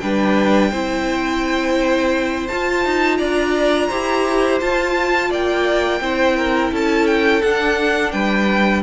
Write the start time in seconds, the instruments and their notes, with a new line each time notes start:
0.00 cello G3, viola D4, violin B4 G5
0.71 cello C4, viola E4, violin C5
2.48 viola F4, cello F4, violin A5
2.85 cello D#4
3.17 cello D4, violin D5 A#5
3.88 cello E4, viola G4, violin C5
4.60 viola F4, cello F4, violin A5
5.29 cello A#3, violin D5 G5
6.00 cello C4, viola E4, violin C5
6.37 violin A#4
6.72 cello C#4, violin A4 A5
7.07 violin G5
7.42 cello D4, viola D4, violin F#5
8.12 cello G3, violin B4 G5